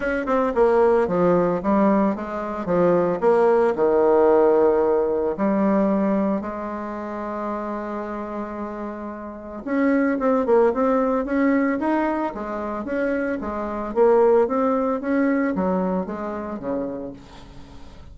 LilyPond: \new Staff \with { instrumentName = "bassoon" } { \time 4/4 \tempo 4 = 112 cis'8 c'8 ais4 f4 g4 | gis4 f4 ais4 dis4~ | dis2 g2 | gis1~ |
gis2 cis'4 c'8 ais8 | c'4 cis'4 dis'4 gis4 | cis'4 gis4 ais4 c'4 | cis'4 fis4 gis4 cis4 | }